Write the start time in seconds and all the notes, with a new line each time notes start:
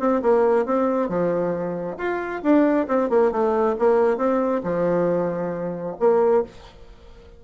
0.00 C4
0.22 A#3
0.66 C4
1.09 F3
1.98 F4
2.43 D4
2.89 C4
3.10 A#3
3.32 A3
3.79 A#3
4.18 C4
4.64 F3
6.00 A#3